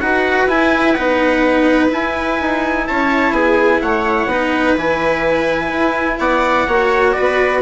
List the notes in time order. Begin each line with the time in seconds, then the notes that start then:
0.00 D#4 F#4 B4 F#5
0.46 E4 G#5
0.93 B3 D#4 F#5
1.89 E4 G#5
2.40 D#4
2.87 C#4 C#5 A5
3.31 B3 G#4 G#5
3.81 A3 C#5 F#5
4.26 B3 D#4 B4
4.76 E3 E4 G#5
5.73 E4
6.19 B3 D5 F#5
6.67 A#3 F#4 C#5
7.12 B4 D5
7.19 B3